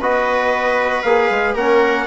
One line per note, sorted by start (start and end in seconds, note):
0.00 1.03 B3
0.00 1.05 F#4
0.00 1.55 B4
0.00 1.03 D#5
1.03 1.30 A#3
1.03 1.57 G#4
1.03 1.54 F5
1.31 1.55 G#3
1.55 2.07 A#3
1.55 2.08 C#4
1.55 2.07 A#4
1.55 2.08 F#5